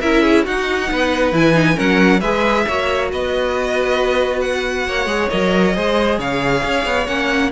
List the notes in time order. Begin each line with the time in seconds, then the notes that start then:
0.00 C#4 E4 A#4 E5
0.22 G#4
0.44 D#4 F#4 F#5
0.91 B3 B4
1.32 E3 E4 G#5
1.53 D#4
1.74 F#3 C#4 A#4 F#5
2.19 G#3 G#4 B4 E5
2.67 A#3 F#4 C#5
3.12 B3 B4 D#5
4.41 F#5
4.87 A#3 C#5
5.05 G#3 G#4
5.30 F#3 A#4 D#5
5.74 G#3 G#4 C5
6.18 C#3 C#5 F5
6.63 C#4
6.85 B3
7.06 A#3 C#4 F#5